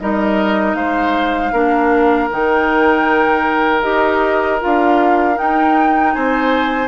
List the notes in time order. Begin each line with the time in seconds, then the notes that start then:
0.00 G3 D#4 A#4 D#5
0.75 G#3 C5 F5
1.53 A#3 D4 A#4
2.31 D#3 D#4 G5
3.83 D#4 G4 D#5
4.61 D4 F4 F5
5.35 D#4 G5
6.15 C4 C5 G#5